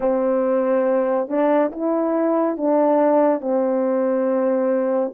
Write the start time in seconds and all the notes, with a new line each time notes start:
0.00 C4
1.28 D4
1.71 E4
2.57 D4
3.41 C4